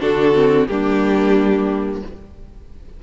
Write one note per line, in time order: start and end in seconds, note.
0.00 0.68 D3
0.00 0.33 D4
0.00 0.67 F#4
0.00 0.67 A4
0.34 0.68 C4
0.67 2.02 G3
0.67 2.03 A#3
0.67 2.03 D4
0.67 2.00 G4